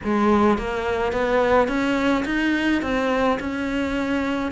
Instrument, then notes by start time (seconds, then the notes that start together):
cello
0.03 G#3
0.58 A#3
1.12 B3
1.67 C#4
2.25 D#4
2.82 C4
3.39 C#4